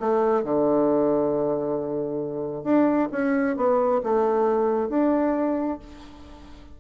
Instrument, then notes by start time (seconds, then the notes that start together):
bassoon
0.00 A3
0.44 D3
2.64 D4
3.12 C#4
3.57 B3
4.04 A3
4.90 D4